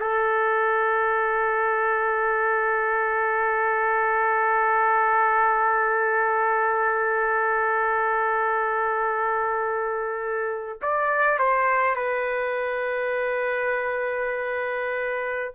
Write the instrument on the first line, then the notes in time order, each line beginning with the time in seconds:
trumpet
0.00 A4
10.82 D5
11.38 C5
11.96 B4